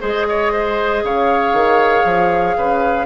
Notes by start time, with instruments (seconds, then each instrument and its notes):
0.00 bassoon G#3, clarinet G#4, oboe C5, flute D#5
0.28 oboe C#5
0.52 oboe C5
1.04 bassoon C#3, oboe C#5, flute F5
1.53 bassoon D#3
2.05 bassoon F3
2.57 bassoon C#3, oboe B4